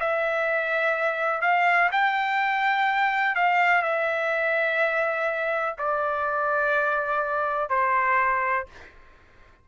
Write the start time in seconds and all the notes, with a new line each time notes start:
0.00 E5
1.42 F5
1.92 G5
3.36 F5
3.82 E5
5.78 D5
7.69 C5